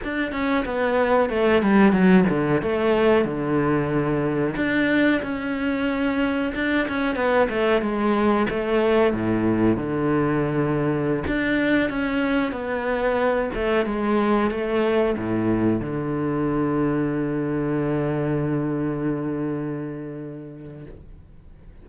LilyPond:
\new Staff \with { instrumentName = "cello" } { \time 4/4 \tempo 4 = 92 d'8 cis'8 b4 a8 g8 fis8 d8 | a4 d2 d'4 | cis'2 d'8 cis'8 b8 a8 | gis4 a4 a,4 d4~ |
d4~ d16 d'4 cis'4 b8.~ | b8. a8 gis4 a4 a,8.~ | a,16 d2.~ d8.~ | d1 | }